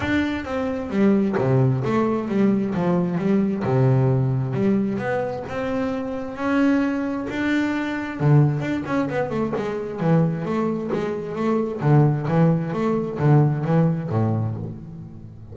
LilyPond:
\new Staff \with { instrumentName = "double bass" } { \time 4/4 \tempo 4 = 132 d'4 c'4 g4 c4 | a4 g4 f4 g4 | c2 g4 b4 | c'2 cis'2 |
d'2 d4 d'8 cis'8 | b8 a8 gis4 e4 a4 | gis4 a4 d4 e4 | a4 d4 e4 a,4 | }